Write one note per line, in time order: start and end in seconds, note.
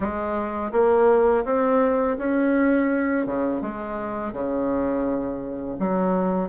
0.00 0.71 G#3
0.72 1.44 A#3
1.45 2.17 C4
2.18 3.26 C#4
3.26 3.61 C#3
3.61 4.32 G#3
4.32 5.77 C#3
5.79 6.49 F#3